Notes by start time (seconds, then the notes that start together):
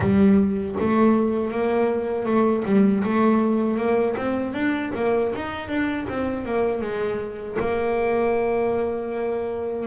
0.00 G3
0.80 A3
1.51 A#3
2.25 A3
2.65 G3
3.03 A3
3.77 A#3
4.16 C4
4.53 D4
4.95 A#3
5.35 D#4
5.68 D4
6.08 C4
6.45 A#3
6.81 G#3
7.59 A#3